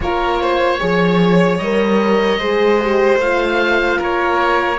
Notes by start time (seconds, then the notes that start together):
0.00 A#3 F4 A#4 C#5
0.41 C5
0.79 F3 G#4 C#5
1.58 G3 A#4 D#5
2.38 G#3 G#4 C5
2.81 G4
3.16 A3 F4 F5
3.98 A#3 A#4 C#5